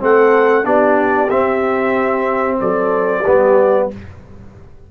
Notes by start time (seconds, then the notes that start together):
0.00 A3 C4 A4 F#5
0.64 B3 D4 G4 D5
1.30 C4 E5
2.60 F#3 A4 D5
3.21 G3 B3 G4